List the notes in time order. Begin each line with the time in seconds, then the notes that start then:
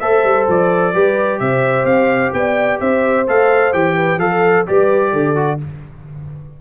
0.00 A3 A4 C5 E5
0.24 G3
0.48 F3 D5
0.94 G3 G4 B4
1.40 C3 C5 E5
1.85 C4 F5
2.33 B3 D5 G5
2.80 C4 C5 E5
3.27 A3 A4 F5
3.73 E3 G4 G5
3.97 B4
4.17 F3 A4 F5
4.67 G3 G4 B4 D5
5.13 D3 A4
5.35 F#4